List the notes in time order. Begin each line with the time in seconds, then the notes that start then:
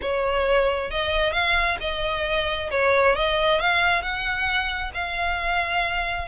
0.01 C#5
0.90 D#5
1.32 F5
1.80 D#5
2.70 C#5
3.15 D#5
3.60 F5
4.02 F#5
4.94 F5